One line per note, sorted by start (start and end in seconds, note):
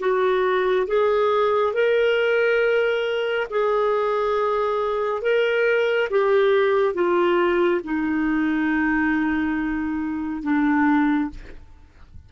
0.00 0.87 F#4
0.87 1.74 G#4
1.74 3.48 A#4
3.51 5.22 G#4
5.22 6.09 A#4
6.11 6.94 G4
6.94 7.81 F4
7.84 10.43 D#4
10.43 11.30 D4